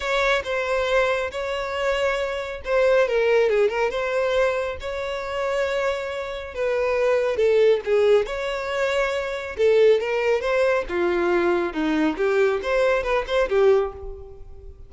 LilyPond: \new Staff \with { instrumentName = "violin" } { \time 4/4 \tempo 4 = 138 cis''4 c''2 cis''4~ | cis''2 c''4 ais'4 | gis'8 ais'8 c''2 cis''4~ | cis''2. b'4~ |
b'4 a'4 gis'4 cis''4~ | cis''2 a'4 ais'4 | c''4 f'2 dis'4 | g'4 c''4 b'8 c''8 g'4 | }